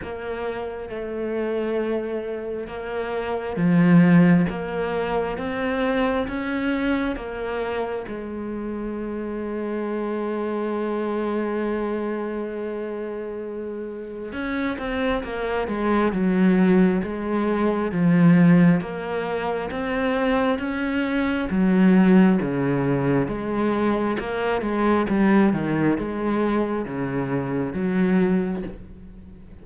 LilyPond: \new Staff \with { instrumentName = "cello" } { \time 4/4 \tempo 4 = 67 ais4 a2 ais4 | f4 ais4 c'4 cis'4 | ais4 gis2.~ | gis1 |
cis'8 c'8 ais8 gis8 fis4 gis4 | f4 ais4 c'4 cis'4 | fis4 cis4 gis4 ais8 gis8 | g8 dis8 gis4 cis4 fis4 | }